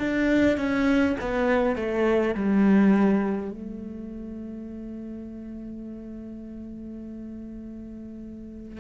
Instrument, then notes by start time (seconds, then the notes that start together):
cello
0.00 D4
0.58 C#4
1.21 B3
1.76 A3
2.35 G3
3.52 A3